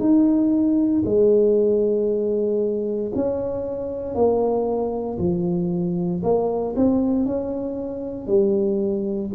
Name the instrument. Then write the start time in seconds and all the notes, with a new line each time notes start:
tuba
0.00 D#4
1.06 G#3
3.16 C#4
4.15 A#3
5.19 F3
6.24 A#3
6.76 C4
7.26 C#4
8.28 G3